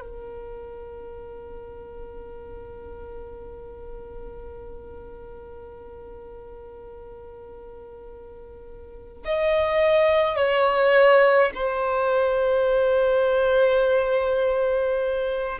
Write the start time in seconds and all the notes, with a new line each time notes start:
0.00 A#4
9.25 D#5
10.36 C#5
11.54 C5